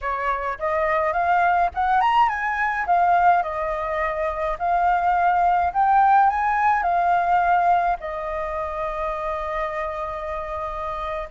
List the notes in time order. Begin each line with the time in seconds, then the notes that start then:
0.01 C#5
0.58 D#5
1.12 F5
1.74 F#5
2.01 A#5
2.28 G#5
2.86 F5
3.42 D#5
4.58 F5
5.73 G5
6.29 G#5
6.82 F5
7.99 D#5